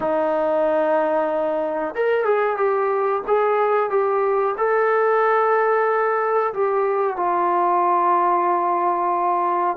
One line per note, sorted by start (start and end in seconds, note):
0.00 1.94 D#4
1.94 2.24 A#4
2.24 2.56 G#4
2.56 3.22 G4
3.27 3.90 G#4
3.90 4.55 G4
4.57 6.53 A4
6.53 7.16 G4
7.16 9.76 F4